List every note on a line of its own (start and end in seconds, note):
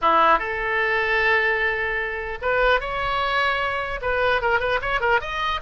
0.01 0.39 E4
0.39 2.39 A4
2.41 2.80 B4
2.80 4.00 C#5
4.01 4.41 B4
4.41 4.59 A#4
4.59 4.79 B4
4.81 5.00 C#5
5.00 5.20 A#4
5.21 5.61 D#5